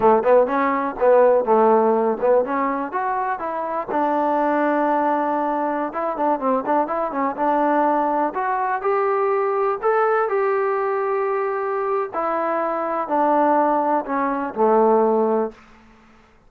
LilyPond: \new Staff \with { instrumentName = "trombone" } { \time 4/4 \tempo 4 = 124 a8 b8 cis'4 b4 a4~ | a8 b8 cis'4 fis'4 e'4 | d'1~ | d'16 e'8 d'8 c'8 d'8 e'8 cis'8 d'8.~ |
d'4~ d'16 fis'4 g'4.~ g'16~ | g'16 a'4 g'2~ g'8.~ | g'4 e'2 d'4~ | d'4 cis'4 a2 | }